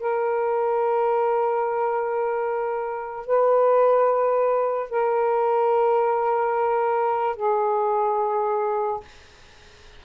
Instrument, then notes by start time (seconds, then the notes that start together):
saxophone
0.00 A#4
3.27 B4
4.90 A#4
7.36 G#4